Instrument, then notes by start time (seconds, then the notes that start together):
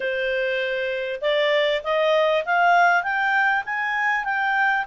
clarinet
0.00 C5
1.21 D5
1.83 D#5
2.45 F5
3.03 G5
3.65 G#5
4.24 G5